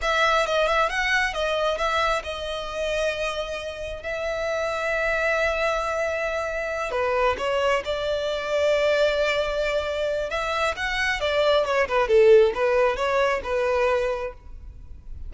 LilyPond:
\new Staff \with { instrumentName = "violin" } { \time 4/4 \tempo 4 = 134 e''4 dis''8 e''8 fis''4 dis''4 | e''4 dis''2.~ | dis''4 e''2.~ | e''2.~ e''8 b'8~ |
b'8 cis''4 d''2~ d''8~ | d''2. e''4 | fis''4 d''4 cis''8 b'8 a'4 | b'4 cis''4 b'2 | }